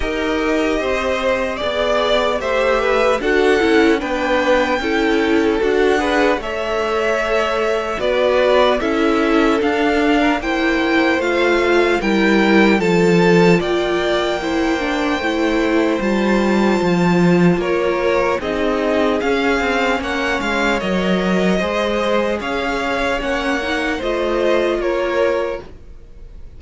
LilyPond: <<
  \new Staff \with { instrumentName = "violin" } { \time 4/4 \tempo 4 = 75 dis''2 d''4 e''4 | fis''4 g''2 fis''4 | e''2 d''4 e''4 | f''4 g''4 f''4 g''4 |
a''4 g''2. | a''2 cis''4 dis''4 | f''4 fis''8 f''8 dis''2 | f''4 fis''4 dis''4 cis''4 | }
  \new Staff \with { instrumentName = "violin" } { \time 4/4 ais'4 c''4 d''4 c''8 b'8 | a'4 b'4 a'4. b'8 | cis''2 b'4 a'4~ | a'8. ais'16 c''2 ais'4 |
a'4 d''4 c''2~ | c''2 ais'4 gis'4~ | gis'4 cis''2 c''4 | cis''2 c''4 ais'4 | }
  \new Staff \with { instrumentName = "viola" } { \time 4/4 g'2 gis'4 g'4 | fis'8 e'8 d'4 e'4 fis'8 gis'8 | a'2 fis'4 e'4 | d'4 e'4 f'4 e'4 |
f'2 e'8 d'8 e'4 | f'2. dis'4 | cis'2 ais'4 gis'4~ | gis'4 cis'8 dis'8 f'2 | }
  \new Staff \with { instrumentName = "cello" } { \time 4/4 dis'4 c'4 b4 a4 | d'8 cis'8 b4 cis'4 d'4 | a2 b4 cis'4 | d'4 ais4 a4 g4 |
f4 ais2 a4 | g4 f4 ais4 c'4 | cis'8 c'8 ais8 gis8 fis4 gis4 | cis'4 ais4 a4 ais4 | }
>>